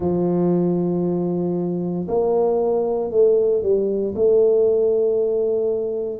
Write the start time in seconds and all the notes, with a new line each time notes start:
0.00 F3
2.08 A#3
3.10 A3
3.62 G3
4.15 A3